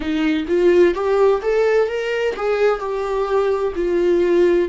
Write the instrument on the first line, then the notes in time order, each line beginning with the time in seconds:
viola
0.00 D#4
0.47 F4
0.94 G4
1.41 A4
1.87 A#4
2.36 G#4
2.79 G4
3.75 F4